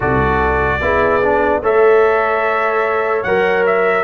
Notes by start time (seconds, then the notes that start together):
0.00 C2 F#4 A4 D5
0.81 B3 E4 G#4
1.21 D4
1.61 A3 A4 C#5 E5
3.23 F#3 A#4 F#5
3.66 E5